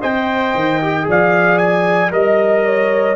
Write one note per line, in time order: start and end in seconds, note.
0.00 0.54 C4
0.00 0.80 C5
0.00 1.05 D#5
0.00 1.07 G5
0.54 1.07 D#3
0.81 1.02 G4
1.02 2.11 F3
1.02 2.08 G#4
1.09 2.14 D5
1.09 1.58 F5
1.58 2.10 G#5
2.10 3.15 G3
2.10 3.15 A#4
2.10 3.15 D#5
2.10 2.65 D#5
2.65 3.15 C#5